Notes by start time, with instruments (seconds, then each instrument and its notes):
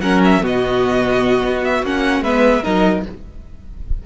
0.00 cello F#3, viola C#4, violin A#4 F#5
0.25 violin E5
0.42 cello B2, viola B3, violin F#4 D#5
1.44 cello B3
1.65 violin E5
1.84 cello A#3, viola C#4, violin F#5
2.21 cello G#3, viola B3, violin B4 E5
2.63 cello F#3, viola D#4, violin A#4 D#5